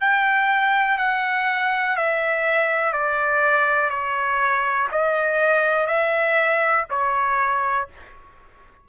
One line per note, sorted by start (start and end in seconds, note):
0.00 0.97 G5
0.97 1.96 F#5
1.96 2.92 E5
2.92 3.89 D5
3.89 4.88 C#5
4.91 5.87 D#5
5.87 6.85 E5
6.90 7.88 C#5